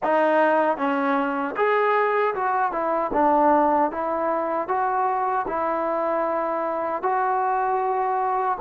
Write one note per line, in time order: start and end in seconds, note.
0.03 0.77 D#4
0.77 1.55 C#4
1.56 2.34 G#4
2.34 2.72 F#4
2.72 3.11 E4
3.13 3.91 D4
3.91 4.68 E4
4.68 5.45 F#4
5.47 7.02 E4
7.02 8.58 F#4